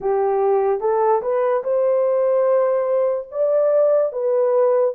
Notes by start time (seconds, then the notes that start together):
0.00 G4
0.80 A4
1.21 B4
1.63 C5
3.31 D5
4.12 B4